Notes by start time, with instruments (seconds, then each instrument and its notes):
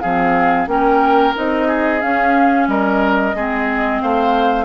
0.00 bassoon F3, clarinet C4, oboe G#4, flute F5
0.67 bassoon A#3, clarinet C#4, oboe A#4, flute G5
1.34 bassoon C4, clarinet D#4, flute D#5
1.67 oboe G#4
2.01 clarinet C#4, bassoon C#4, flute F5
2.67 bassoon G3, oboe A#4, flute D#5
3.35 bassoon G#3, clarinet C4, oboe G#4
4.01 bassoon A3, oboe C5, flute F5